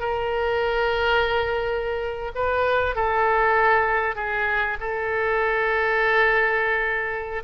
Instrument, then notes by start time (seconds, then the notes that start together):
oboe
0.00 A#4
2.35 B4
2.96 A4
4.16 G#4
4.80 A4